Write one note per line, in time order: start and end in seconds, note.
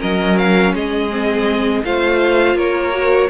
0.00 0.74 F#3
0.00 1.10 C#4
0.00 0.73 A#4
0.00 0.38 D#5
0.38 0.75 F5
0.74 1.84 G#3
0.74 1.85 G#4
0.74 1.85 D#5
1.11 1.84 C4
1.84 2.55 A3
1.84 2.92 F4
1.84 2.57 C5
1.84 2.58 F5
2.55 3.28 A#3
2.55 3.30 A#4
2.55 3.30 C#5
2.92 3.29 F#4